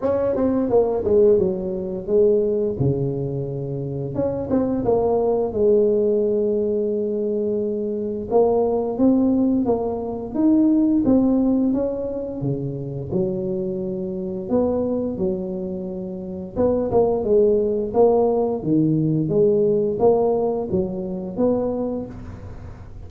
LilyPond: \new Staff \with { instrumentName = "tuba" } { \time 4/4 \tempo 4 = 87 cis'8 c'8 ais8 gis8 fis4 gis4 | cis2 cis'8 c'8 ais4 | gis1 | ais4 c'4 ais4 dis'4 |
c'4 cis'4 cis4 fis4~ | fis4 b4 fis2 | b8 ais8 gis4 ais4 dis4 | gis4 ais4 fis4 b4 | }